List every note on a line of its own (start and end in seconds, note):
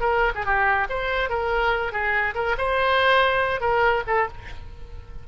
0.00 0.32 A#4
0.35 0.45 G#4
0.45 0.87 G4
0.89 1.29 C5
1.29 1.92 A#4
1.92 2.34 G#4
2.35 2.56 A#4
2.57 3.60 C5
3.60 4.03 A#4
4.07 4.28 A4